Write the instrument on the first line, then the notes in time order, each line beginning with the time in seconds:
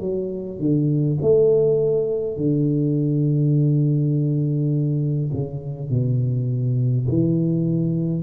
tuba
0.00 F#3
0.59 D3
1.21 A3
2.37 D3
5.33 C#3
5.90 B2
7.09 E3